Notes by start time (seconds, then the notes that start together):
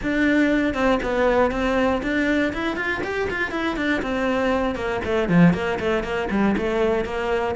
0.02 D4
0.74 C4
1.02 B3
1.51 C4
2.02 D4
2.53 E4
2.76 F4
3.03 G4
3.29 F4
3.51 E4
3.76 D4
4.02 C4
4.75 A#3
5.04 A3
5.28 F3
5.53 A#3
5.79 A3
6.03 A#3
6.30 G3
6.57 A3
7.04 A#3